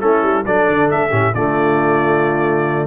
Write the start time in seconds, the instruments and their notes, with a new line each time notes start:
0.00 tuba A3, trombone C#4, horn E4, trumpet A4
0.22 tuba G3
0.44 tuba F#3, trombone D4, horn A4, trumpet D5
0.68 tuba D3
0.90 tuba A3, trumpet E5
1.09 tuba A2, trombone C#4, horn G4
1.34 tuba D3, trombone A3, horn F4, trumpet D5